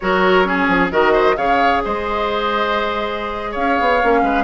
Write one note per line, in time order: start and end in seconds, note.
0.00 0.68 F#3
0.00 0.44 F#4
0.00 0.47 A#4
0.00 0.90 C#5
0.44 0.90 C#4
0.44 0.92 G#4
0.68 0.91 F3
0.90 1.37 D#3
0.90 1.36 F#4
0.90 1.12 A#4
0.90 1.36 D#5
1.12 1.35 C5
1.36 1.82 C#3
1.36 4.00 G#4
1.36 1.83 C#5
1.36 1.82 F5
1.84 3.56 G#3
1.84 3.51 C5
1.84 3.54 D#5
3.51 3.79 C#4
3.51 4.20 C#5
3.51 4.43 F5
3.79 4.02 B3
4.01 4.22 A#3
4.01 4.43 C#4
4.22 4.43 G#3
4.22 4.43 B4